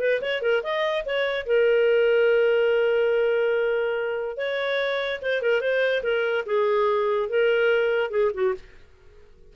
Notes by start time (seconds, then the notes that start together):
0.00 B4
0.21 C#5
0.42 A#4
0.63 D#5
1.05 C#5
1.46 A#4
4.37 C#5
5.22 C5
5.41 A#4
5.61 C5
6.03 A#4
6.46 G#4
7.29 A#4
8.11 G#4
8.34 F#4